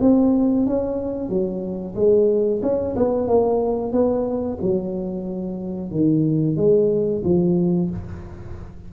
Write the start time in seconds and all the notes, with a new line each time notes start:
0.00 C4
0.66 C#4
1.29 F#3
1.95 G#3
2.62 C#4
2.96 B3
3.28 A#3
3.92 B3
4.62 F#3
5.91 D#3
6.56 G#3
7.24 F3